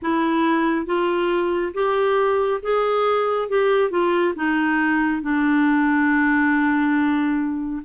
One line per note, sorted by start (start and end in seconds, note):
0.02 0.85 E4
0.85 1.72 F4
1.74 2.60 G4
2.62 3.48 G#4
3.48 3.90 G4
3.90 4.34 F4
4.35 5.22 D#4
5.22 7.83 D4